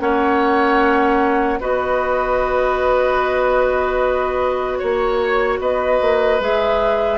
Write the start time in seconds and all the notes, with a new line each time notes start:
0.00 A#3 C#4 C#5 F#5
1.61 B3 F#4 B4 D#5
4.78 A#3 C#5
5.60 B3 B4 D#5
6.02 A#3
6.41 G#3 G#4 E5